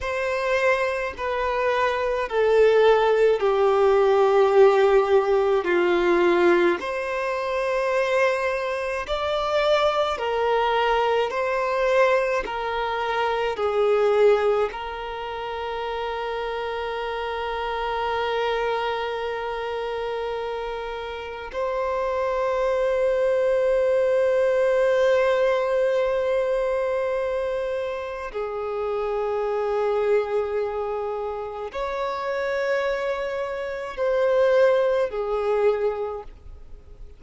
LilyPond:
\new Staff \with { instrumentName = "violin" } { \time 4/4 \tempo 4 = 53 c''4 b'4 a'4 g'4~ | g'4 f'4 c''2 | d''4 ais'4 c''4 ais'4 | gis'4 ais'2.~ |
ais'2. c''4~ | c''1~ | c''4 gis'2. | cis''2 c''4 gis'4 | }